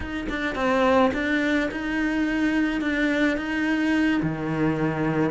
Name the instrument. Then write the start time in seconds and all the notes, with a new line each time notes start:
cello
0.00 D#4
0.29 D4
0.55 C4
1.13 D4
1.71 D#4
2.81 D4
3.37 D#4
4.22 D#3